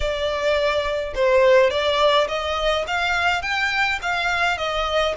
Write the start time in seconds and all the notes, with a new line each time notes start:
0.00 D5
1.14 C5
1.70 D5
2.28 D#5
2.87 F5
3.42 G5
4.02 F5
4.57 D#5